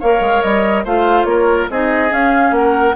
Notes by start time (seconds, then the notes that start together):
0.00 A#3 A#4 C#5 F5
0.20 G#3
0.42 G3 D#5
0.84 A3 F4 C5 F5
1.24 A#3 A#4 C#5
1.70 C4 D#4 G#4 D#5
2.10 C#4 F5
2.51 A#3 F#5
2.58 A#4